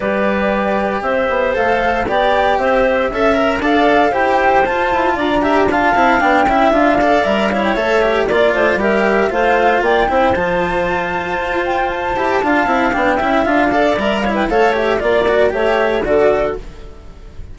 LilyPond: <<
  \new Staff \with { instrumentName = "flute" } { \time 4/4 \tempo 4 = 116 d''2 e''4 f''4 | g''4 e''2 f''4 | g''4 a''4 ais''4 a''4 | g''4 f''4 e''8 f''16 g''16 e''4 |
d''4 e''4 f''4 g''4 | a''2~ a''8 g''8 a''4~ | a''4 g''4 f''4 e''8 f''16 g''16 | f''8 e''8 d''4 e''4 d''4 | }
  \new Staff \with { instrumentName = "clarinet" } { \time 4/4 b'2 c''2 | d''4 c''4 e''4 d''4 | c''2 d''8 e''8 f''4~ | f''8 e''4 d''4 cis''4. |
d''8 c''8 ais'4 c''4 d''8 c''8~ | c''1 | f''4. e''4 d''4 cis''16 b'16 | cis''4 d''4 cis''4 a'4 | }
  \new Staff \with { instrumentName = "cello" } { \time 4/4 g'2. a'4 | g'2 a'8 ais'8 a'4 | g'4 f'4. g'8 f'8 e'8 | d'8 e'8 f'8 a'8 ais'8 e'8 a'8 g'8 |
f'4 g'4 f'4. e'8 | f'2.~ f'8 g'8 | f'8 e'8 d'8 e'8 f'8 a'8 ais'8 e'8 | a'8 g'8 f'8 fis'8 g'4 fis'4 | }
  \new Staff \with { instrumentName = "bassoon" } { \time 4/4 g2 c'8 b8 a4 | b4 c'4 cis'4 d'4 | e'4 f'8 e'8 d'4. c'8 | b8 cis'8 d'4 g4 a4 |
ais8 a8 g4 a4 ais8 c'8 | f2 f'4. e'8 | d'8 c'8 b8 cis'8 d'4 g4 | a4 ais4 a4 d4 | }
>>